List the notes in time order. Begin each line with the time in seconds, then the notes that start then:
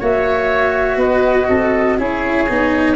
0.00 A#3 F#4 C#5 E5
0.97 B3 B4 D#5
1.49 C4 A4
1.98 C#4 E4 G#4 C#5
2.49 B3 D#4